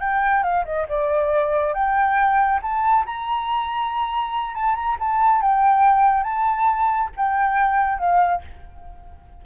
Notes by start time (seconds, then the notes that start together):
0.00 G5
0.43 F5
0.65 D#5
0.88 D5
1.74 G5
2.62 A5
3.06 A#5
4.54 A5
4.75 A#5
4.99 A5
5.42 G5
6.24 A5
7.17 G5
7.98 F5